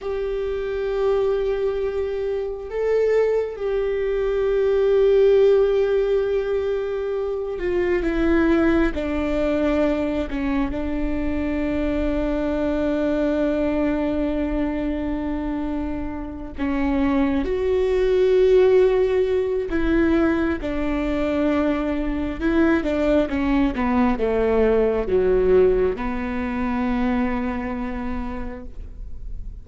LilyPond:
\new Staff \with { instrumentName = "viola" } { \time 4/4 \tempo 4 = 67 g'2. a'4 | g'1~ | g'8 f'8 e'4 d'4. cis'8 | d'1~ |
d'2~ d'8 cis'4 fis'8~ | fis'2 e'4 d'4~ | d'4 e'8 d'8 cis'8 b8 a4 | fis4 b2. | }